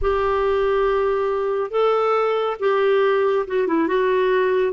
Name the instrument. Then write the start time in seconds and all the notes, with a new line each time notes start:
clarinet
0.01 G4
1.70 A4
2.59 G4
3.47 F#4
3.67 E4
3.87 F#4